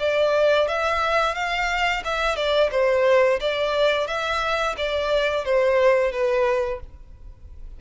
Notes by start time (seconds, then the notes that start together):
0.00 D5
0.68 E5
1.35 F5
2.05 E5
2.36 D5
2.71 C5
3.41 D5
4.08 E5
4.78 D5
5.45 C5
6.12 B4